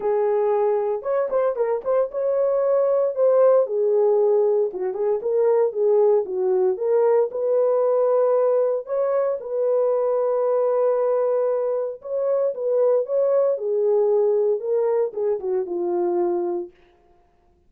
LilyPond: \new Staff \with { instrumentName = "horn" } { \time 4/4 \tempo 4 = 115 gis'2 cis''8 c''8 ais'8 c''8 | cis''2 c''4 gis'4~ | gis'4 fis'8 gis'8 ais'4 gis'4 | fis'4 ais'4 b'2~ |
b'4 cis''4 b'2~ | b'2. cis''4 | b'4 cis''4 gis'2 | ais'4 gis'8 fis'8 f'2 | }